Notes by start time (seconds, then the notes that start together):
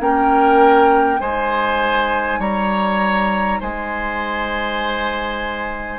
0.00 A#3 C#4 A#4 G5
1.20 G#3 D#4 C5 G#5
2.39 G3 C#5 A#5
3.60 G#3 C5 G#5